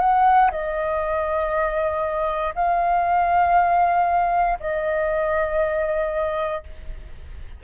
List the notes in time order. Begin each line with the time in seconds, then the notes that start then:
0.00 F#5
0.51 D#5
2.55 F5
4.60 D#5